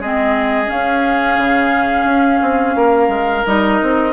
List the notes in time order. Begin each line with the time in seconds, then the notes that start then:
0.00 G#3 C4 G#4 D#5
0.66 C#4 F5
1.38 C#3
2.05 C#4
2.42 C4
2.76 A#3 A#4
3.09 G#3
3.46 G3 D#4 D#5
3.82 C4